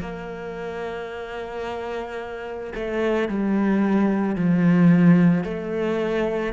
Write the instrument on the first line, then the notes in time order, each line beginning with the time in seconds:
cello
0.00 A#3
2.74 A3
3.28 G3
4.35 F3
5.44 A3